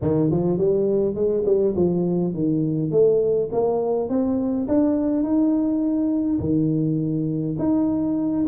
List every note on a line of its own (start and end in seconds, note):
0.01 0.30 D#3
0.31 0.58 F3
0.58 1.15 G3
1.15 1.44 G#3
1.45 1.74 G3
1.76 2.33 F3
2.33 2.91 D#3
2.91 3.49 A3
3.52 4.09 A#3
4.09 4.67 C4
4.68 5.23 D4
5.23 6.39 D#4
6.39 7.56 D#3
7.58 8.46 D#4